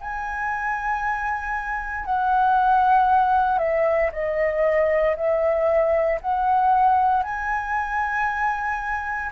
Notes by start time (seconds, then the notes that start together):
0.00 G#5
2.05 F#5
3.58 E5
4.12 D#5
5.16 E5
6.21 F#5
7.23 G#5